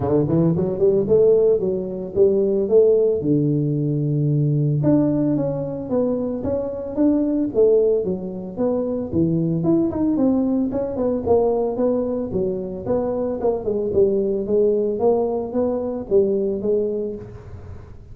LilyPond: \new Staff \with { instrumentName = "tuba" } { \time 4/4 \tempo 4 = 112 d8 e8 fis8 g8 a4 fis4 | g4 a4 d2~ | d4 d'4 cis'4 b4 | cis'4 d'4 a4 fis4 |
b4 e4 e'8 dis'8 c'4 | cis'8 b8 ais4 b4 fis4 | b4 ais8 gis8 g4 gis4 | ais4 b4 g4 gis4 | }